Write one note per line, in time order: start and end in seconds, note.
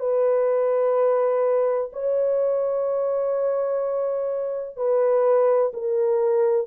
0.00 1.90 B4
1.93 4.77 C#5
4.77 5.72 B4
5.73 6.67 A#4